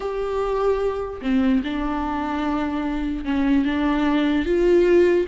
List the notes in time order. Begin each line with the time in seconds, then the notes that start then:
0.00 G4
1.21 C4
1.64 D4
3.24 C#4
3.64 D4
4.45 F4